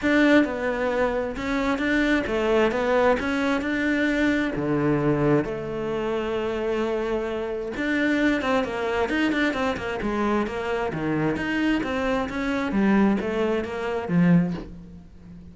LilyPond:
\new Staff \with { instrumentName = "cello" } { \time 4/4 \tempo 4 = 132 d'4 b2 cis'4 | d'4 a4 b4 cis'4 | d'2 d2 | a1~ |
a4 d'4. c'8 ais4 | dis'8 d'8 c'8 ais8 gis4 ais4 | dis4 dis'4 c'4 cis'4 | g4 a4 ais4 f4 | }